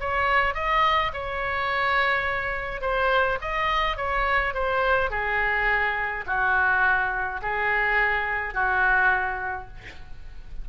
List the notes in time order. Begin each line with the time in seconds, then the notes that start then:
0.00 C#5
0.55 D#5
1.14 C#5
2.81 C5
3.41 D#5
3.97 C#5
4.54 C5
5.11 G#4
6.26 F#4
7.42 G#4
8.54 F#4